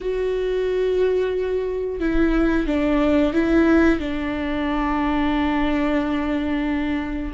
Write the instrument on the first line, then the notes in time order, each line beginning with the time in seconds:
viola
0.01 F#4
2.00 E4
2.67 D4
3.33 E4
3.99 D4